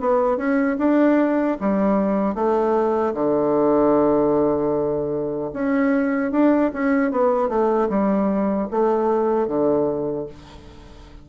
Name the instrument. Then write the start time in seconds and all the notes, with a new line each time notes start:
bassoon
0.00 B3
0.37 C#4
0.79 D4
1.60 G3
2.35 A3
3.14 D3
5.53 C#4
6.32 D4
6.73 C#4
7.11 B3
7.49 A3
7.89 G3
8.71 A3
9.47 D3